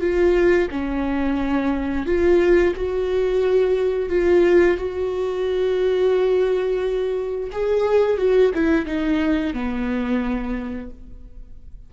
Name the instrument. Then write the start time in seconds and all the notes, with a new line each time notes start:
viola
0.00 F4
0.70 C#4
2.05 F4
2.75 F#4
4.09 F4
4.77 F#4
7.52 G#4
8.17 F#4
8.54 E4
8.85 D#4
9.53 B3